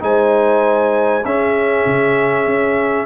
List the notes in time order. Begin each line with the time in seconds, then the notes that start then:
0.00 G#3 D#4 C5 G#5
1.25 C#4 G#4 E5
1.86 C#3
2.46 C#4